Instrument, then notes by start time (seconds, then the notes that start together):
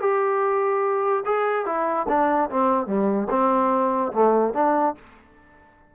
trombone
0.00 G4
1.25 G#4
1.65 E4
2.08 D4
2.50 C4
2.86 G3
3.30 C4
4.12 A3
4.53 D4